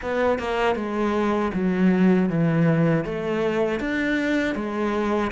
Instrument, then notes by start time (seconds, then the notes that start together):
cello
0.01 B3
0.38 A#3
0.75 G#3
1.53 F#3
2.29 E3
3.04 A3
3.79 D4
4.55 G#3